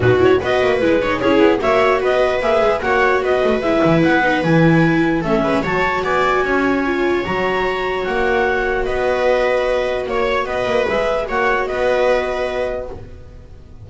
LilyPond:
<<
  \new Staff \with { instrumentName = "clarinet" } { \time 4/4 \tempo 4 = 149 b'8 cis''8 dis''4 b'4 cis''4 | e''4 dis''4 e''4 fis''4 | dis''4 e''4 fis''4 gis''4~ | gis''4 e''4 a''4 gis''4~ |
gis''2 ais''2 | fis''2 dis''2~ | dis''4 cis''4 dis''4 e''4 | fis''4 dis''2. | }
  \new Staff \with { instrumentName = "viola" } { \time 4/4 fis'4 b'4. cis''8 gis'4 | cis''4 b'2 cis''4 | b'1~ | b'4 a'8 b'8 cis''4 d''4 |
cis''1~ | cis''2 b'2~ | b'4 cis''4 b'2 | cis''4 b'2. | }
  \new Staff \with { instrumentName = "viola" } { \time 4/4 dis'8 e'8 fis'4 e'8 dis'8 e'4 | fis'2 gis'4 fis'4~ | fis'4 e'4. dis'8 e'4~ | e'4 cis'4 fis'2~ |
fis'4 f'4 fis'2~ | fis'1~ | fis'2. gis'4 | fis'1 | }
  \new Staff \with { instrumentName = "double bass" } { \time 4/4 b,4 b8 ais8 gis4 cis'8 b8 | ais4 b4 ais8 gis8 ais4 | b8 a8 gis8 e8 b4 e4~ | e4 a8 gis8 fis4 b4 |
cis'2 fis2 | ais2 b2~ | b4 ais4 b8 ais8 gis4 | ais4 b2. | }
>>